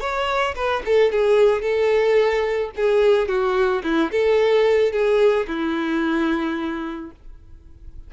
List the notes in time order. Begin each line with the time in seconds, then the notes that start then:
0.00 C#5
0.55 B4
0.85 A4
1.12 G#4
1.62 A4
2.76 G#4
3.28 F#4
3.83 E4
4.11 A4
4.92 G#4
5.47 E4